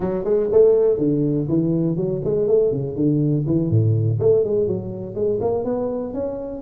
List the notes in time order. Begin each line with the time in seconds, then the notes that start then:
0.00 F#3
0.24 G#3
0.52 A3
0.98 D3
1.48 E3
1.96 F#3
2.24 G#3
2.47 A3
2.71 C#3
2.95 D3
3.46 E3
3.70 A2
4.19 A3
4.44 G#3
4.67 F#3
5.14 G#3
5.41 A#3
5.64 B3
6.13 C#4